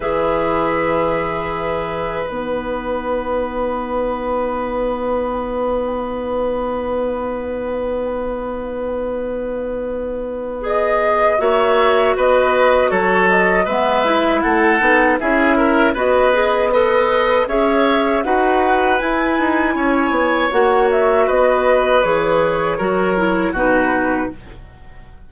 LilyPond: <<
  \new Staff \with { instrumentName = "flute" } { \time 4/4 \tempo 4 = 79 e''2. fis''4~ | fis''1~ | fis''1~ | fis''2 dis''4 e''4 |
dis''4 cis''8 dis''8 e''4 fis''4 | e''4 dis''4 b'4 e''4 | fis''4 gis''2 fis''8 e''8 | dis''4 cis''2 b'4 | }
  \new Staff \with { instrumentName = "oboe" } { \time 4/4 b'1~ | b'1~ | b'1~ | b'2. cis''4 |
b'4 a'4 b'4 a'4 | gis'8 ais'8 b'4 dis''4 cis''4 | b'2 cis''2 | b'2 ais'4 fis'4 | }
  \new Staff \with { instrumentName = "clarinet" } { \time 4/4 gis'2. dis'4~ | dis'1~ | dis'1~ | dis'2 gis'4 fis'4~ |
fis'2 b8 e'4 dis'8 | e'4 fis'8 gis'8 a'4 gis'4 | fis'4 e'2 fis'4~ | fis'4 gis'4 fis'8 e'8 dis'4 | }
  \new Staff \with { instrumentName = "bassoon" } { \time 4/4 e2. b4~ | b1~ | b1~ | b2. ais4 |
b4 fis4 gis4 a8 b8 | cis'4 b2 cis'4 | dis'4 e'8 dis'8 cis'8 b8 ais4 | b4 e4 fis4 b,4 | }
>>